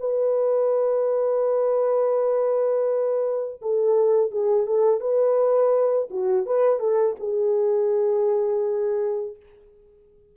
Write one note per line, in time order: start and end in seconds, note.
0.00 3.61 B4
3.62 4.32 A4
4.32 4.67 G#4
4.67 5.01 A4
5.01 6.09 B4
6.11 6.47 F#4
6.47 6.80 B4
6.80 7.16 A4
7.20 9.37 G#4